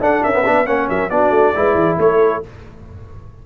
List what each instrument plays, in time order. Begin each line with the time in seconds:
0.00 tuba D4, trombone D4, horn A4, trumpet F#5
0.23 tuba C#4, horn A#4, trumpet E5
0.33 trombone B3
0.46 tuba B3, trombone D4, horn B4
0.66 tuba A#3, trombone C#4, horn C#5, trumpet F#5
0.89 tuba F#3, horn A#4, trumpet E5
1.10 tuba B3, trombone D4, horn F#4, trumpet D5
1.31 tuba A3
1.55 tuba G#3, trombone E4, horn B4
1.75 tuba E3, horn G#4
1.98 tuba A3, horn A4, trumpet C#5